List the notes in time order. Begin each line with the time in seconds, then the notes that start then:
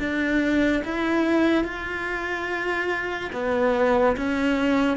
0.00 D4
0.85 E4
1.64 F4
3.33 B3
4.17 C#4